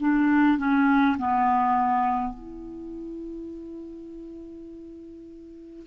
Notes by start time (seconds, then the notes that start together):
0.00 D4
0.58 C#4
1.18 B3
2.34 E4